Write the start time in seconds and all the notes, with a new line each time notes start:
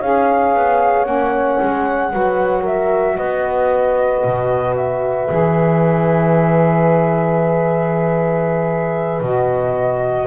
0.00 C#4 G#4 C#5 F5
0.54 B3
1.05 A#3 C#4 F#5
1.62 G#3
2.12 F#3 F#4 B4
2.62 A#4 E5
3.17 B3 B4 D#5
4.25 B2
4.76 E5
5.29 E3 G#4
9.21 B2 F#4 D#5